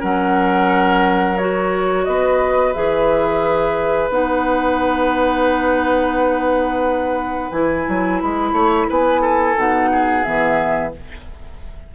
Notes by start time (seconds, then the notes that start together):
0.00 F#3 C#4 A#4 F#5
1.37 F#4 C#5
2.05 B3 B4 D#5
2.74 E3 G#4 E5
4.10 B3 D#4 F#5
7.52 E3 E4 G#5
7.88 F#3
8.22 G#3 B5
8.52 A3 C#5
8.89 B3 B4 G#5
9.21 A4
9.56 B2 D#4 F#5
9.92 G#4
10.23 E3 B3 E5